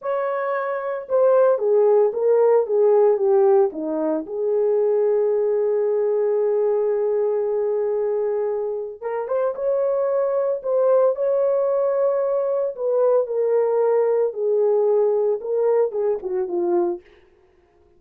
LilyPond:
\new Staff \with { instrumentName = "horn" } { \time 4/4 \tempo 4 = 113 cis''2 c''4 gis'4 | ais'4 gis'4 g'4 dis'4 | gis'1~ | gis'1~ |
gis'4 ais'8 c''8 cis''2 | c''4 cis''2. | b'4 ais'2 gis'4~ | gis'4 ais'4 gis'8 fis'8 f'4 | }